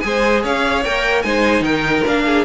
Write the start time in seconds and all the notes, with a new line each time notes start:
0.00 G#3 G#4 C5 G#5
0.43 C#4 C#5 F5
0.84 A#3 A#4 G5
1.22 G#3 D#4 C5 G#5
1.60 D#3 A#4 G5
2.05 A#3 D4 F5
2.26 G#4